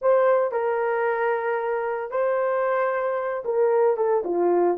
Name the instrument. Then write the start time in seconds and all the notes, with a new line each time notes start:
horn
0.01 C5
0.51 A#4
2.10 C5
3.44 A#4
3.96 A4
4.24 F4